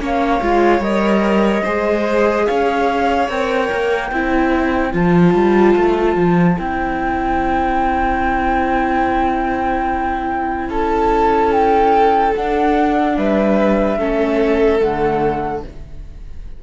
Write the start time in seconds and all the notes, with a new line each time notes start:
0.00 A#3 C#4 C#5 F5
0.41 G#3 F4
0.79 G3 A#4 D#5
1.63 G#3 G#4 C5
2.47 C#4 C#5 F5
3.28 C4 A#4 G5
3.72 A#3
4.11 C4 E4 C5
4.92 F3 F4 A5
5.34 G3
5.76 A3
6.16 F3
6.56 C4 E4 G5
10.69 C#4 A4 A5
11.52 G5
12.35 D4 F#5
13.17 G3 B4 E5
13.98 A3 C#4 A4
14.79 D3 A3 F#5